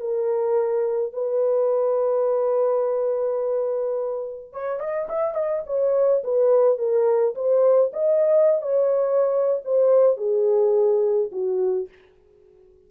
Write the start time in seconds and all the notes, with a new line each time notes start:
0.00 A#4
1.13 B4
4.53 C#5
4.80 D#5
5.09 E5
5.34 D#5
5.66 C#5
6.24 B4
6.78 A#4
7.35 C5
7.93 D#5
8.62 C#5
9.65 C5
10.17 G#4
11.32 F#4